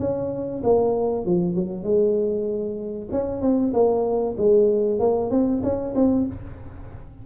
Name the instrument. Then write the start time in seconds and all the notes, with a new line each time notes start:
tuba
0.00 C#4
0.64 A#3
1.26 F3
1.56 F#3
1.84 G#3
3.12 C#4
3.42 C4
3.74 A#3
4.38 G#3
5.00 A#3
5.31 C4
5.63 C#4
5.96 C4